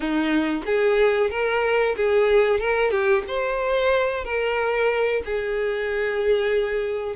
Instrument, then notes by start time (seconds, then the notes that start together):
violin
0.00 D#4
0.65 G#4
1.30 A#4
1.96 G#4
2.60 A#4
2.90 G4
3.27 C5
4.24 A#4
5.25 G#4